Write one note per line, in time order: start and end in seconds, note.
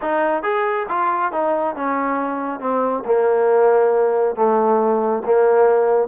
0.01 0.42 D#4
0.42 0.86 G#4
0.88 1.32 F4
1.32 1.75 D#4
1.75 2.60 C#4
2.60 3.03 C4
3.05 4.35 A#3
4.35 5.22 A3
5.25 6.07 A#3